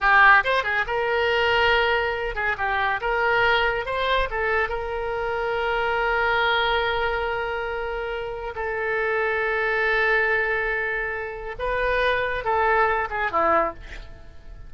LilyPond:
\new Staff \with { instrumentName = "oboe" } { \time 4/4 \tempo 4 = 140 g'4 c''8 gis'8 ais'2~ | ais'4. gis'8 g'4 ais'4~ | ais'4 c''4 a'4 ais'4~ | ais'1~ |
ais'1 | a'1~ | a'2. b'4~ | b'4 a'4. gis'8 e'4 | }